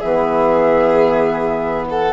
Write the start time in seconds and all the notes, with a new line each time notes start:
0.00 E3 B3 G#4 E5
1.89 A4 F#5